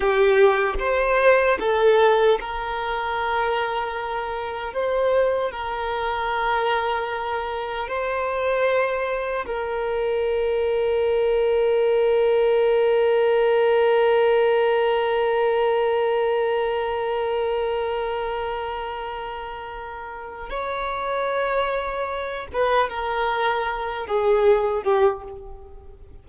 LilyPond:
\new Staff \with { instrumentName = "violin" } { \time 4/4 \tempo 4 = 76 g'4 c''4 a'4 ais'4~ | ais'2 c''4 ais'4~ | ais'2 c''2 | ais'1~ |
ais'1~ | ais'1~ | ais'2 cis''2~ | cis''8 b'8 ais'4. gis'4 g'8 | }